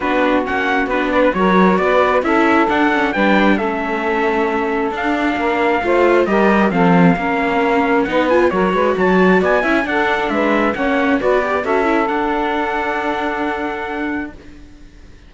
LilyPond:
<<
  \new Staff \with { instrumentName = "trumpet" } { \time 4/4 \tempo 4 = 134 b'4 fis''4 b'8 d''16 b'16 cis''4 | d''4 e''4 fis''4 g''4 | e''2. f''4~ | f''2 dis''4 f''4~ |
f''2 fis''8 gis''8 cis''4 | a''4 gis''4 fis''4 e''4 | fis''4 d''4 e''4 fis''4~ | fis''1 | }
  \new Staff \with { instrumentName = "saxophone" } { \time 4/4 fis'2~ fis'8 b'8 ais'4 | b'4 a'2 b'4 | a'1 | ais'4 c''4 ais'4 a'4 |
ais'2 b'4 ais'8 b'8 | cis''4 d''8 e''8 a'4 b'4 | cis''4 b'4 a'2~ | a'1 | }
  \new Staff \with { instrumentName = "viola" } { \time 4/4 d'4 cis'4 d'4 fis'4~ | fis'4 e'4 d'8 cis'8 d'4 | cis'2. d'4~ | d'4 f'4 g'4 c'4 |
cis'2 dis'8 f'8 fis'4~ | fis'4. e'8 d'2 | cis'4 fis'8 g'8 fis'8 e'8 d'4~ | d'1 | }
  \new Staff \with { instrumentName = "cello" } { \time 4/4 b4 ais4 b4 fis4 | b4 cis'4 d'4 g4 | a2. d'4 | ais4 a4 g4 f4 |
ais2 b4 fis8 gis8 | fis4 b8 cis'8 d'4 gis4 | ais4 b4 cis'4 d'4~ | d'1 | }
>>